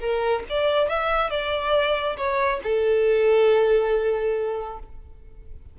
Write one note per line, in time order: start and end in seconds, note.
0.00 0.43 A#4
0.49 0.88 D5
0.88 1.30 E5
1.30 2.16 D5
2.17 2.60 C#5
2.63 4.79 A4